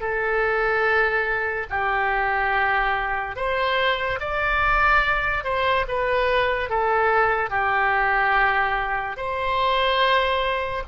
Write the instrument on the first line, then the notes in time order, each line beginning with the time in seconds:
oboe
0.00 A4
1.70 G4
3.36 C5
4.20 D5
5.44 C5
5.88 B4
6.69 A4
7.50 G4
9.17 C5